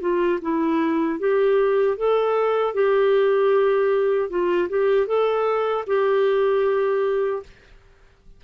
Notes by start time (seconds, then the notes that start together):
0.00 F4
0.41 E4
1.19 G4
1.97 A4
2.74 G4
4.29 F4
4.69 G4
5.06 A4
5.87 G4